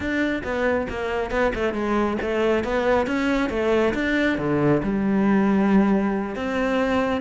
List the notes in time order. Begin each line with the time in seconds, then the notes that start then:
0.00 D4
0.43 B3
0.89 A#3
1.30 B3
1.54 A3
1.73 G#3
2.21 A3
2.64 B3
3.06 C#4
3.49 A3
3.94 D4
4.38 D3
4.82 G3
6.35 C4